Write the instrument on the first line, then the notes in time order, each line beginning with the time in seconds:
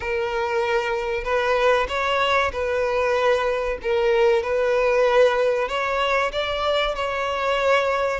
violin
0.00 A#4
1.23 B4
1.88 C#5
2.52 B4
3.82 A#4
4.42 B4
5.68 C#5
6.32 D5
6.95 C#5